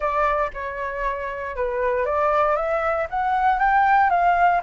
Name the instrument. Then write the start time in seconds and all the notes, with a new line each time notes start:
flute
0.00 D5
0.53 C#5
1.55 B4
2.05 D5
2.55 E5
3.10 F#5
3.59 G5
4.10 F5